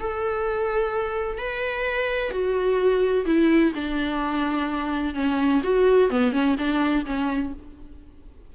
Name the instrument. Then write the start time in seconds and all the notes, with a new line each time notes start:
viola
0.00 A4
1.38 B4
2.31 F#4
3.26 E4
3.75 D4
5.15 C#4
5.64 F#4
6.10 B3
6.32 C#4
6.58 D4
7.06 C#4